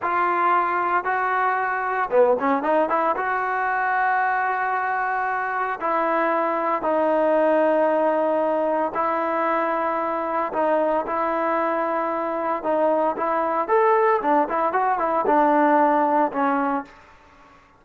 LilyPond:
\new Staff \with { instrumentName = "trombone" } { \time 4/4 \tempo 4 = 114 f'2 fis'2 | b8 cis'8 dis'8 e'8 fis'2~ | fis'2. e'4~ | e'4 dis'2.~ |
dis'4 e'2. | dis'4 e'2. | dis'4 e'4 a'4 d'8 e'8 | fis'8 e'8 d'2 cis'4 | }